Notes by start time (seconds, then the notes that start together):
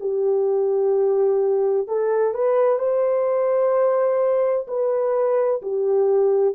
0.00 G4
1.87 A4
2.34 B4
2.79 C5
4.67 B4
5.62 G4